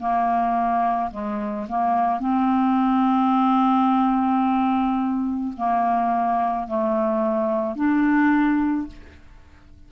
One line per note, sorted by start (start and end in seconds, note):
0.00 1.11 A#3
1.12 1.67 G#3
1.69 2.20 A#3
2.20 5.54 C4
5.58 6.68 A#3
6.68 7.76 A3
7.76 8.87 D4